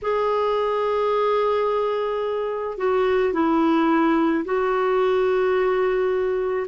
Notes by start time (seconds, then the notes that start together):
0.02 G#4
2.77 F#4
3.33 E4
4.44 F#4